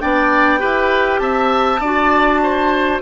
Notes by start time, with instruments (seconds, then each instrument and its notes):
0.00 bassoon B3, clarinet D4, oboe D5, flute G5
0.59 bassoon E4, clarinet G4, oboe B4
1.20 bassoon C4, oboe E5, flute A5
1.80 bassoon D4, clarinet F#4, oboe D5
2.43 oboe C5